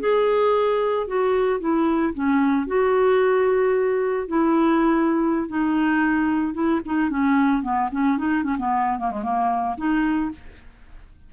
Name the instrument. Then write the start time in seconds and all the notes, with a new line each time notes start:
clarinet
0.00 G#4
1.07 F#4
1.60 E4
2.14 C#4
2.67 F#4
4.28 E4
5.49 D#4
6.54 E4
6.85 D#4
7.10 C#4
7.63 B3
7.92 C#4
8.18 D#4
8.44 C#4
8.59 B3
8.99 A#3
9.11 G#3
9.23 A#3
9.78 D#4